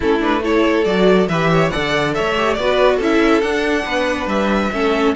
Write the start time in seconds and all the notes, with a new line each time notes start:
0.00 A3 C#4 E4 A4
0.20 D4 B4
0.42 E4 A4 C#5
0.84 F#3 F#4 D5
1.28 E3 G4 B4 E5
1.51 C#5
1.70 D3 A4 D5 F#5
2.14 A3 C#5 E5
2.36 G4
2.53 B3 B4 D5
2.59 F#4
2.96 C#4 E4 A4
3.03 E5
3.41 D4 F#5
3.85 B3 B4
4.26 G3 E5
4.72 A3 C#4 A4